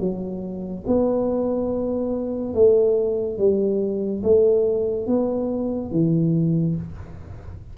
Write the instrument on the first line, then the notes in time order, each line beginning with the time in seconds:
tuba
0.00 F#3
0.87 B3
2.54 A3
3.38 G3
4.23 A3
5.07 B3
5.91 E3